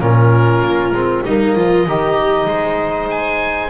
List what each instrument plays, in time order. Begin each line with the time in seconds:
0.00 double bass A#2, trombone C#4, viola F4, oboe A#4
0.62 double bass A#3
0.92 double bass G#3, trombone C4
1.25 double bass G3, trombone A#3, viola D#4, oboe D#5
1.56 double bass F3, viola F4
1.87 double bass D#3, trombone D#4, viola G4
2.45 double bass G#3, viola C5
3.10 oboe G#5